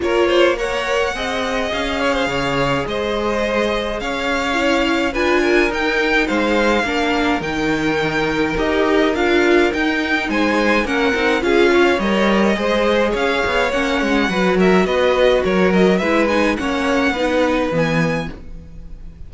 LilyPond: <<
  \new Staff \with { instrumentName = "violin" } { \time 4/4 \tempo 4 = 105 cis''4 fis''2 f''4~ | f''4 dis''2 f''4~ | f''4 gis''4 g''4 f''4~ | f''4 g''2 dis''4 |
f''4 g''4 gis''4 fis''4 | f''4 dis''2 f''4 | fis''4. e''8 dis''4 cis''8 dis''8 | e''8 gis''8 fis''2 gis''4 | }
  \new Staff \with { instrumentName = "violin" } { \time 4/4 ais'8 c''8 cis''4 dis''4. cis''16 c''16 | cis''4 c''2 cis''4~ | cis''4 b'8 ais'4. c''4 | ais'1~ |
ais'2 c''4 ais'4 | gis'8 cis''4. c''4 cis''4~ | cis''4 b'8 ais'8 b'4 ais'4 | b'4 cis''4 b'2 | }
  \new Staff \with { instrumentName = "viola" } { \time 4/4 f'4 ais'4 gis'2~ | gis'1 | e'4 f'4 dis'2 | d'4 dis'2 g'4 |
f'4 dis'2 cis'8 dis'8 | f'4 ais'4 gis'2 | cis'4 fis'2. | e'8 dis'8 cis'4 dis'4 b4 | }
  \new Staff \with { instrumentName = "cello" } { \time 4/4 ais2 c'4 cis'4 | cis4 gis2 cis'4~ | cis'4 d'4 dis'4 gis4 | ais4 dis2 dis'4 |
d'4 dis'4 gis4 ais8 c'8 | cis'4 g4 gis4 cis'8 b8 | ais8 gis8 fis4 b4 fis4 | gis4 ais4 b4 e4 | }
>>